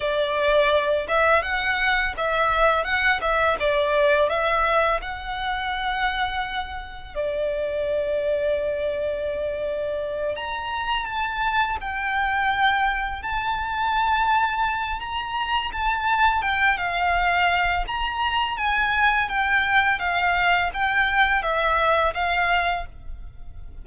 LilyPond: \new Staff \with { instrumentName = "violin" } { \time 4/4 \tempo 4 = 84 d''4. e''8 fis''4 e''4 | fis''8 e''8 d''4 e''4 fis''4~ | fis''2 d''2~ | d''2~ d''8 ais''4 a''8~ |
a''8 g''2 a''4.~ | a''4 ais''4 a''4 g''8 f''8~ | f''4 ais''4 gis''4 g''4 | f''4 g''4 e''4 f''4 | }